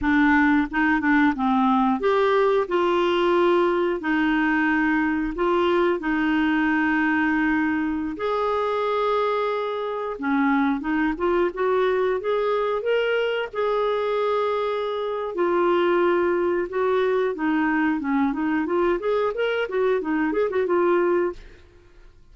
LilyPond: \new Staff \with { instrumentName = "clarinet" } { \time 4/4 \tempo 4 = 90 d'4 dis'8 d'8 c'4 g'4 | f'2 dis'2 | f'4 dis'2.~ | dis'16 gis'2. cis'8.~ |
cis'16 dis'8 f'8 fis'4 gis'4 ais'8.~ | ais'16 gis'2~ gis'8. f'4~ | f'4 fis'4 dis'4 cis'8 dis'8 | f'8 gis'8 ais'8 fis'8 dis'8 gis'16 fis'16 f'4 | }